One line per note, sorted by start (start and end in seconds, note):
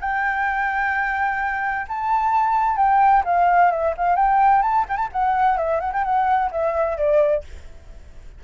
0.00 1.86 G5
1.88 2.76 A5
2.76 3.22 G5
3.24 3.70 F5
3.70 3.94 E5
3.97 4.15 F5
4.15 4.62 G5
4.62 4.85 A5
4.88 4.97 G5
4.97 5.08 A5
5.12 5.57 F#5
5.57 5.80 E5
5.80 5.91 F#5
5.92 6.04 G5
6.04 6.50 F#5
6.51 6.97 E5
6.97 7.44 D5